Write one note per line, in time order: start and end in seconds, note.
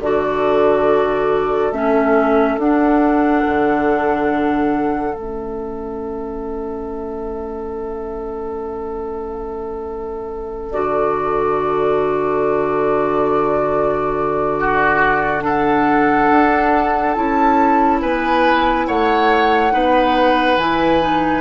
0.00 1.72 D3
0.00 1.74 F#4
0.00 14.57 A4
0.00 1.72 D5
1.72 2.57 A3
1.72 2.59 C#4
1.72 2.58 E5
2.57 3.43 D4
2.57 5.14 D4
2.57 5.15 F#5
3.46 5.15 D3
5.14 10.72 A3
5.14 10.71 C#4
5.14 10.72 E5
10.72 16.29 D3
10.72 15.39 F#4
10.72 15.43 D5
14.60 15.44 F#4
15.39 17.11 D4
15.39 18.01 A4
15.39 17.13 F#5
16.31 17.16 D4
17.13 18.01 C#4
17.13 19.71 E4
17.13 17.99 A5
18.01 18.87 B3
18.01 18.87 B4
18.01 18.86 G#5
18.86 19.73 A3
18.86 19.73 C#5
18.86 20.57 F#5
19.71 20.57 B3
19.71 20.57 D#4
19.71 21.41 B4
20.57 21.41 E3
20.57 21.01 E4
20.57 21.41 G#5
21.01 21.41 D#4